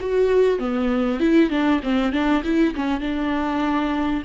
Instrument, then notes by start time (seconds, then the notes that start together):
viola
0.00 F#4
0.59 B3
1.20 E4
1.50 D4
1.83 C4
2.12 D4
2.44 E4
2.75 C#4
3.01 D4